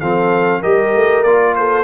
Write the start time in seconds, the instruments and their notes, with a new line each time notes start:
0.00 tuba F3, trombone C4, horn A4, trumpet F5
0.61 tuba G3, trombone G4, horn A#4, trumpet D#5
0.95 tuba A3
1.24 tuba A#3, trombone F4, trumpet D5
1.56 horn A4, trumpet C5